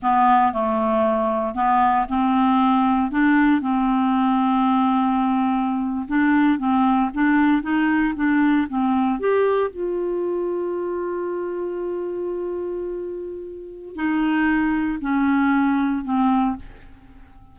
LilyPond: \new Staff \with { instrumentName = "clarinet" } { \time 4/4 \tempo 4 = 116 b4 a2 b4 | c'2 d'4 c'4~ | c'2.~ c'8. d'16~ | d'8. c'4 d'4 dis'4 d'16~ |
d'8. c'4 g'4 f'4~ f'16~ | f'1~ | f'2. dis'4~ | dis'4 cis'2 c'4 | }